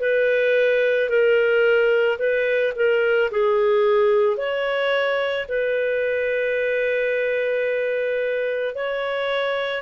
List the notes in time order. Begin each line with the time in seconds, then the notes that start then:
0.00 B4
1.09 A#4
2.18 B4
2.76 A#4
3.31 G#4
4.37 C#5
5.48 B4
8.75 C#5